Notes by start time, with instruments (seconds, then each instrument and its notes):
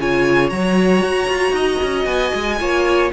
0.00 cello C#3, viola F4, violin C#5 G#5
0.49 cello F#3, viola F#4, violin A#5
1.02 cello F#4
1.29 cello F4
1.51 cello D#4, violin D#5
1.82 cello C#4
2.05 cello B3, violin G#5
2.34 cello G#3
2.59 cello A#3, viola F4, violin C#5